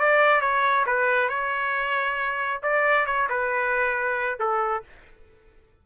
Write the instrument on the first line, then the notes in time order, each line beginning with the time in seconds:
trumpet
0.00 D5
0.42 C#5
0.87 B4
1.30 C#5
2.63 D5
3.07 C#5
3.30 B4
4.40 A4